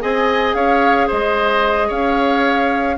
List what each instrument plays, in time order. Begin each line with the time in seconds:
0.00 bassoon C4, clarinet G#4, oboe D#5, flute G#5
0.54 bassoon C#4, oboe C#5, flute F5
1.07 bassoon G#3, oboe C5, flute D#5
1.88 bassoon C#4, oboe C#5, flute F5